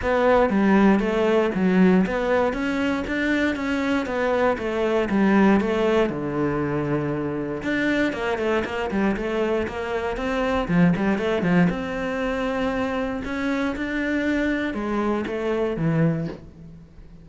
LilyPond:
\new Staff \with { instrumentName = "cello" } { \time 4/4 \tempo 4 = 118 b4 g4 a4 fis4 | b4 cis'4 d'4 cis'4 | b4 a4 g4 a4 | d2. d'4 |
ais8 a8 ais8 g8 a4 ais4 | c'4 f8 g8 a8 f8 c'4~ | c'2 cis'4 d'4~ | d'4 gis4 a4 e4 | }